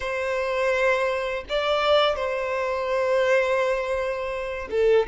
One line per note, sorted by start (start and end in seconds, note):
0.00 1.44 C5
1.49 2.15 D5
2.15 4.68 C5
4.70 5.06 A4